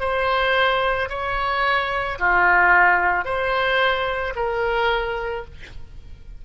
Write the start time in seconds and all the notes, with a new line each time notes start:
0.00 C5
1.09 C#5
2.19 F4
3.25 C5
4.36 A#4